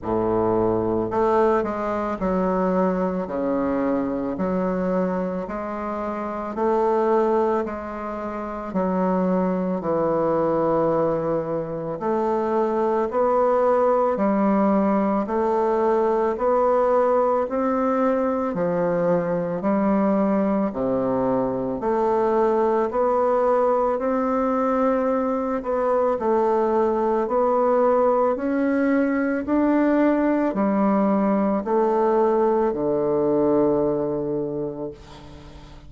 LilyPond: \new Staff \with { instrumentName = "bassoon" } { \time 4/4 \tempo 4 = 55 a,4 a8 gis8 fis4 cis4 | fis4 gis4 a4 gis4 | fis4 e2 a4 | b4 g4 a4 b4 |
c'4 f4 g4 c4 | a4 b4 c'4. b8 | a4 b4 cis'4 d'4 | g4 a4 d2 | }